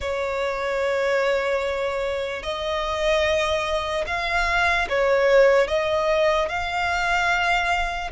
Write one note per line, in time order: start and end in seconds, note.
0.00 2.42 C#5
2.42 4.04 D#5
4.07 4.88 F5
4.89 5.67 C#5
5.67 6.48 D#5
6.48 8.10 F5